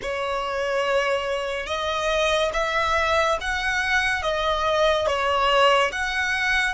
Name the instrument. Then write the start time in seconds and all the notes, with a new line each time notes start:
violin
0.02 C#5
1.66 D#5
2.53 E5
3.40 F#5
4.22 D#5
5.06 C#5
5.92 F#5